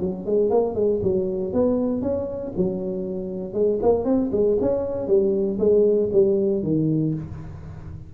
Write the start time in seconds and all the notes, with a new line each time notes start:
0.00 F#3
0.25 G#3
0.50 A#3
0.74 G#3
1.02 F#3
1.53 B3
2.02 C#4
2.56 F#3
3.53 G#3
3.82 A#3
4.04 C4
4.32 G#3
4.60 C#4
5.07 G3
5.58 G#3
6.12 G3
6.63 D#3